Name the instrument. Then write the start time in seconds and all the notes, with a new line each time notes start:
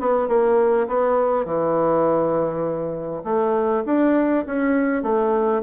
bassoon
0.00 B3
0.28 A#3
0.87 B3
1.45 E3
3.24 A3
3.86 D4
4.46 C#4
5.03 A3